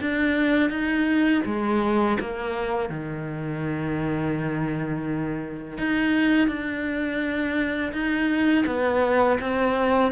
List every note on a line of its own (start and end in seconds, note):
0.00 0.70 D4
0.70 1.42 D#4
1.45 2.17 G#3
2.20 2.89 A#3
2.89 5.77 D#3
5.77 6.47 D#4
6.47 7.92 D4
7.92 8.65 D#4
8.66 9.38 B3
9.40 10.11 C4